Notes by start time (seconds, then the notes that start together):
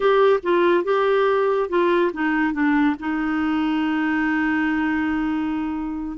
0.00 G4
0.42 F4
0.84 G4
1.69 F4
2.13 D#4
2.53 D4
2.99 D#4